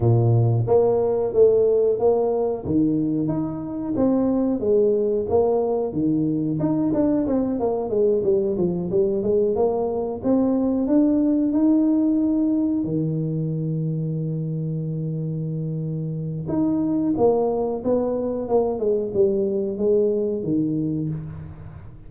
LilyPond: \new Staff \with { instrumentName = "tuba" } { \time 4/4 \tempo 4 = 91 ais,4 ais4 a4 ais4 | dis4 dis'4 c'4 gis4 | ais4 dis4 dis'8 d'8 c'8 ais8 | gis8 g8 f8 g8 gis8 ais4 c'8~ |
c'8 d'4 dis'2 dis8~ | dis1~ | dis4 dis'4 ais4 b4 | ais8 gis8 g4 gis4 dis4 | }